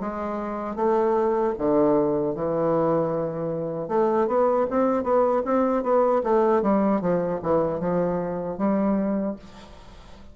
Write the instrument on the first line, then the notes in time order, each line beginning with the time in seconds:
bassoon
0.00 G#3
0.76 A3
1.58 D3
2.35 E3
3.89 A3
4.28 B3
4.70 C4
5.04 B3
5.45 C4
5.83 B3
6.23 A3
6.62 G3
7.01 F3
7.43 E3
7.80 F3
8.58 G3